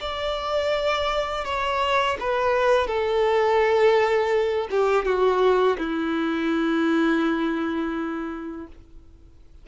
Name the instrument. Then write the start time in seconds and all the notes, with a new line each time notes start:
violin
0.00 D5
1.45 C#5
2.20 B4
2.87 A4
4.70 G4
5.05 F#4
5.78 E4